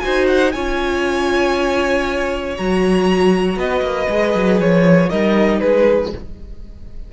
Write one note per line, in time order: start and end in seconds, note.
0.00 0.54 D#4
0.00 0.52 F#4
0.00 0.53 C5
0.00 0.25 G#5
0.27 0.52 F#5
0.52 2.58 C#4
0.52 2.57 F4
0.52 3.58 C#5
0.52 2.55 G#5
2.57 3.56 F#3
2.57 4.09 F#4
2.57 3.59 A#5
3.56 3.82 B3
3.56 5.09 B4
3.56 4.60 D#5
3.82 4.07 A#3
4.09 4.35 G#3
4.09 5.09 G#4
4.35 4.60 F#3
4.60 5.11 F3
4.60 5.10 C#5
5.09 5.62 G3
5.09 6.11 D#4
5.09 5.60 A#4
5.09 5.60 D#5
5.60 6.13 G#3
5.60 6.12 G#4
5.60 6.11 B4